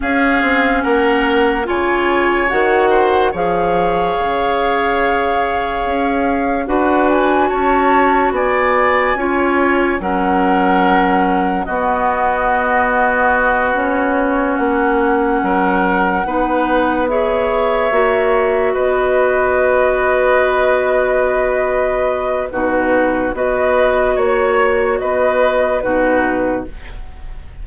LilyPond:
<<
  \new Staff \with { instrumentName = "flute" } { \time 4/4 \tempo 4 = 72 f''4 fis''4 gis''4 fis''4 | f''1 | fis''8 gis''8 a''4 gis''2 | fis''2 dis''2~ |
dis''8 cis''4 fis''2~ fis''8~ | fis''8 e''2 dis''4.~ | dis''2. b'4 | dis''4 cis''4 dis''4 b'4 | }
  \new Staff \with { instrumentName = "oboe" } { \time 4/4 gis'4 ais'4 cis''4. c''8 | cis''1 | b'4 cis''4 d''4 cis''4 | ais'2 fis'2~ |
fis'2~ fis'8 ais'4 b'8~ | b'8 cis''2 b'4.~ | b'2. fis'4 | b'4 cis''4 b'4 fis'4 | }
  \new Staff \with { instrumentName = "clarinet" } { \time 4/4 cis'2 f'4 fis'4 | gis'1 | fis'2. f'4 | cis'2 b2~ |
b8 cis'2. dis'8~ | dis'8 gis'4 fis'2~ fis'8~ | fis'2. dis'4 | fis'2. dis'4 | }
  \new Staff \with { instrumentName = "bassoon" } { \time 4/4 cis'8 c'8 ais4 cis4 dis4 | f4 cis2 cis'4 | d'4 cis'4 b4 cis'4 | fis2 b2~ |
b4. ais4 fis4 b8~ | b4. ais4 b4.~ | b2. b,4 | b4 ais4 b4 b,4 | }
>>